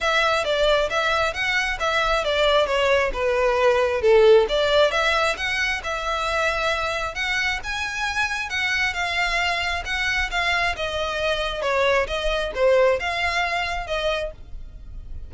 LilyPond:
\new Staff \with { instrumentName = "violin" } { \time 4/4 \tempo 4 = 134 e''4 d''4 e''4 fis''4 | e''4 d''4 cis''4 b'4~ | b'4 a'4 d''4 e''4 | fis''4 e''2. |
fis''4 gis''2 fis''4 | f''2 fis''4 f''4 | dis''2 cis''4 dis''4 | c''4 f''2 dis''4 | }